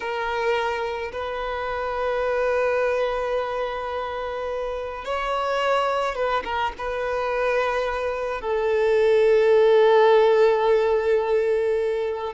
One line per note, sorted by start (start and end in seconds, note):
0.00 1.11 A#4
1.12 5.04 B4
5.04 6.15 C#5
6.15 6.43 B4
6.44 6.72 A#4
6.77 8.41 B4
8.41 12.33 A4